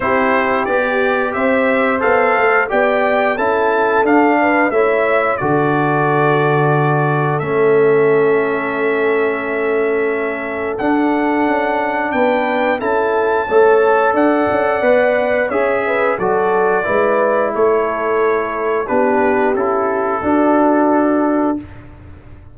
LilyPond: <<
  \new Staff \with { instrumentName = "trumpet" } { \time 4/4 \tempo 4 = 89 c''4 d''4 e''4 f''4 | g''4 a''4 f''4 e''4 | d''2. e''4~ | e''1 |
fis''2 g''4 a''4~ | a''4 fis''2 e''4 | d''2 cis''2 | b'4 a'2. | }
  \new Staff \with { instrumentName = "horn" } { \time 4/4 g'2 c''2 | d''4 a'4. b'8 cis''4 | a'1~ | a'1~ |
a'2 b'4 a'4 | cis''4 d''2 cis''8 b'8 | a'4 b'4 a'2 | g'2 fis'2 | }
  \new Staff \with { instrumentName = "trombone" } { \time 4/4 e'4 g'2 a'4 | g'4 e'4 d'4 e'4 | fis'2. cis'4~ | cis'1 |
d'2. e'4 | a'2 b'4 gis'4 | fis'4 e'2. | d'4 e'4 d'2 | }
  \new Staff \with { instrumentName = "tuba" } { \time 4/4 c'4 b4 c'4 b8 a8 | b4 cis'4 d'4 a4 | d2. a4~ | a1 |
d'4 cis'4 b4 cis'4 | a4 d'8 cis'8 b4 cis'4 | fis4 gis4 a2 | b4 cis'4 d'2 | }
>>